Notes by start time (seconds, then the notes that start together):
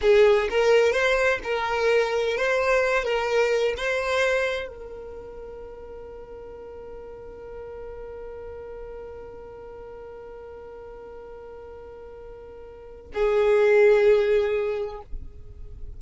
0.01 G#4
0.49 A#4
0.92 C5
1.43 A#4
2.37 C5
3.04 A#4
3.77 C5
4.67 A#4
13.14 G#4